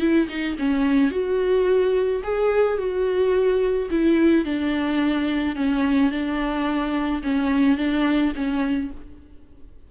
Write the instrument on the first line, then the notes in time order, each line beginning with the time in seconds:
viola
0.00 E4
0.29 D#4
0.59 C#4
1.11 F#4
2.23 G#4
2.78 F#4
3.91 E4
4.45 D4
5.56 C#4
6.11 D4
7.23 C#4
7.77 D4
8.35 C#4